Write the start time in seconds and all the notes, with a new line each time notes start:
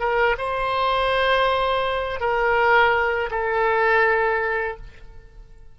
0.00 A#4
0.38 C5
2.21 A#4
3.31 A4